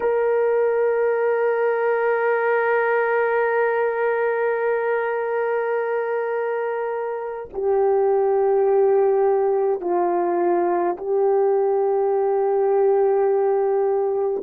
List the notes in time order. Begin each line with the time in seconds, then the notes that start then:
0.00 A#4
7.53 G4
9.81 F4
10.97 G4